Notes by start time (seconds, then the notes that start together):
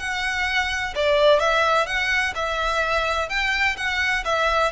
0.00 F#5
0.96 D5
1.40 E5
1.87 F#5
2.36 E5
3.29 G5
3.77 F#5
4.25 E5